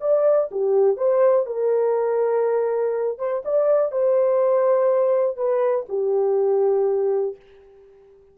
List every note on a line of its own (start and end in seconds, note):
0.00 0.49 D5
0.51 0.97 G4
0.97 1.46 C5
1.46 3.18 A#4
3.18 3.43 C5
3.44 3.91 D5
3.91 5.37 C5
5.37 5.86 B4
5.88 7.36 G4